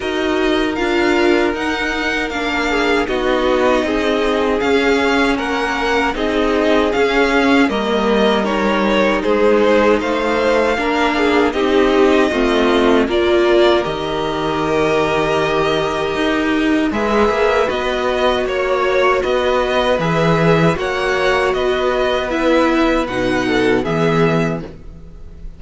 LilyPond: <<
  \new Staff \with { instrumentName = "violin" } { \time 4/4 \tempo 4 = 78 dis''4 f''4 fis''4 f''4 | dis''2 f''4 fis''4 | dis''4 f''4 dis''4 cis''4 | c''4 f''2 dis''4~ |
dis''4 d''4 dis''2~ | dis''2 e''4 dis''4 | cis''4 dis''4 e''4 fis''4 | dis''4 e''4 fis''4 e''4 | }
  \new Staff \with { instrumentName = "violin" } { \time 4/4 ais'2.~ ais'8 gis'8 | fis'4 gis'2 ais'4 | gis'2 ais'2 | gis'4 c''4 ais'8 gis'8 g'4 |
f'4 ais'2.~ | ais'2 b'2 | cis''4 b'2 cis''4 | b'2~ b'8 a'8 gis'4 | }
  \new Staff \with { instrumentName = "viola" } { \time 4/4 fis'4 f'4 dis'4 d'4 | dis'2 cis'2 | dis'4 cis'4 ais4 dis'4~ | dis'2 d'4 dis'4 |
c'4 f'4 g'2~ | g'2 gis'4 fis'4~ | fis'2 gis'4 fis'4~ | fis'4 e'4 dis'4 b4 | }
  \new Staff \with { instrumentName = "cello" } { \time 4/4 dis'4 d'4 dis'4 ais4 | b4 c'4 cis'4 ais4 | c'4 cis'4 g2 | gis4 a4 ais4 c'4 |
a4 ais4 dis2~ | dis4 dis'4 gis8 ais8 b4 | ais4 b4 e4 ais4 | b2 b,4 e4 | }
>>